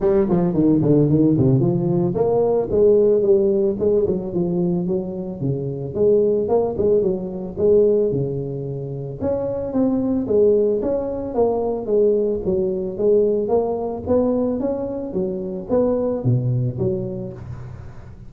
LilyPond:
\new Staff \with { instrumentName = "tuba" } { \time 4/4 \tempo 4 = 111 g8 f8 dis8 d8 dis8 c8 f4 | ais4 gis4 g4 gis8 fis8 | f4 fis4 cis4 gis4 | ais8 gis8 fis4 gis4 cis4~ |
cis4 cis'4 c'4 gis4 | cis'4 ais4 gis4 fis4 | gis4 ais4 b4 cis'4 | fis4 b4 b,4 fis4 | }